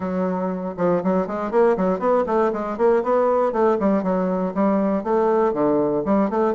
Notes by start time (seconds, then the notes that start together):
0.00 F#3
0.77 F3
1.03 F#3
1.27 G#3
1.51 A#3
1.76 F#3
1.99 B3
2.26 A3
2.52 G#3
2.77 A#3
3.03 B3
3.52 A3
3.79 G3
4.03 F#3
4.54 G3
5.03 A3
5.53 D3
6.05 G3
6.30 A3